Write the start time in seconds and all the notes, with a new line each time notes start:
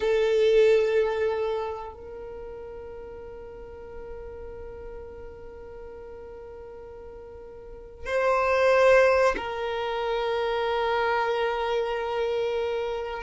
0.00 A4
1.93 A#4
8.06 C5
9.36 A#4